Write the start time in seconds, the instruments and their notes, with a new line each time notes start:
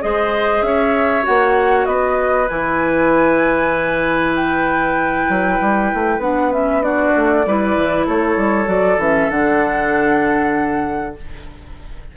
0.00 bassoon G#3, clarinet G#4, oboe C5, flute D#5
0.62 bassoon C#4, oboe C#5, flute E5
1.22 bassoon A#3, clarinet F#4, flute F#5
1.85 bassoon B3, oboe B4, flute D#5
2.48 bassoon E3, clarinet E4, flute G#5
4.35 flute G5
5.28 bassoon F#3
5.60 bassoon G3
5.93 bassoon A3
6.18 bassoon B3, clarinet D4, flute F#5
6.51 clarinet C#4, flute E5
6.82 clarinet D4, oboe F#4, flute D5
7.15 bassoon A3
7.46 bassoon G3, clarinet E4, oboe B4
7.76 bassoon E3
8.06 bassoon A3, oboe A4, flute C#5
8.36 bassoon G3
8.64 bassoon F#3, clarinet F#4, flute D5
8.97 bassoon E3, clarinet C#4, flute E5
9.30 bassoon D3, clarinet D4, flute F#5